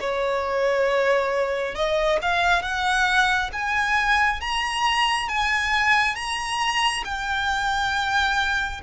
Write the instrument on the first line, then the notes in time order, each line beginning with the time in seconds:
violin
0.00 C#5
1.75 D#5
2.22 F5
2.62 F#5
3.53 G#5
4.40 A#5
5.29 G#5
6.15 A#5
7.04 G5